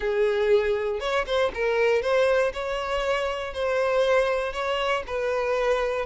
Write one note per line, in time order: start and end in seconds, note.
0.00 0.99 G#4
0.99 1.25 C#5
1.26 1.51 C5
1.54 2.02 A#4
2.02 2.52 C5
2.53 3.53 C#5
3.53 4.52 C5
4.52 5.03 C#5
5.06 6.05 B4